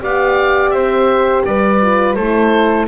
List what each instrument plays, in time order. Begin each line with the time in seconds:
0.00 double bass B3, horn G4, flute D5, oboe F5
0.71 double bass C4, flute C5, oboe E5
1.45 double bass G3, flute B4, oboe D5
1.82 horn F4
2.15 double bass A3, horn E4, flute A4, oboe C5